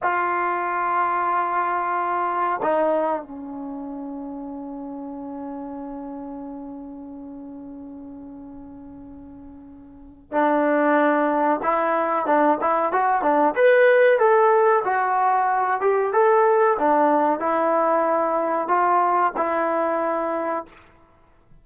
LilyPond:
\new Staff \with { instrumentName = "trombone" } { \time 4/4 \tempo 4 = 93 f'1 | dis'4 cis'2.~ | cis'1~ | cis'1 |
d'2 e'4 d'8 e'8 | fis'8 d'8 b'4 a'4 fis'4~ | fis'8 g'8 a'4 d'4 e'4~ | e'4 f'4 e'2 | }